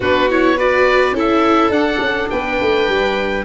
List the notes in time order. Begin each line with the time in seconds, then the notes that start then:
0.00 B3 D4 F#4 B4
0.29 E4 C#5
0.56 F#4 B4 D5
1.12 C#4 E4 A4
1.19 E5
1.69 D4 F#5
1.98 C#4
2.30 B3 B4 G5
2.60 A3
2.88 G3